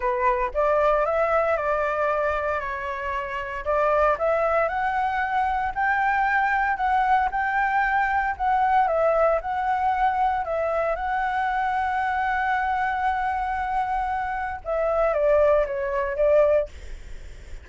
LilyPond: \new Staff \with { instrumentName = "flute" } { \time 4/4 \tempo 4 = 115 b'4 d''4 e''4 d''4~ | d''4 cis''2 d''4 | e''4 fis''2 g''4~ | g''4 fis''4 g''2 |
fis''4 e''4 fis''2 | e''4 fis''2.~ | fis''1 | e''4 d''4 cis''4 d''4 | }